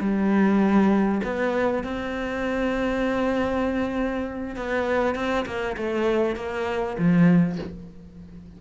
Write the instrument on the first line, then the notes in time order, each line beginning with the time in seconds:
cello
0.00 G3
1.23 B3
1.83 C4
4.56 B3
5.15 C4
5.46 A#3
5.77 A3
6.36 A#3
6.98 F3